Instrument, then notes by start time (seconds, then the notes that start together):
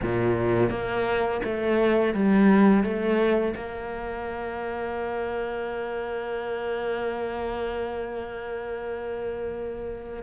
cello
0.02 A#2
0.70 A#3
1.44 A3
2.14 G3
2.83 A3
3.56 A#3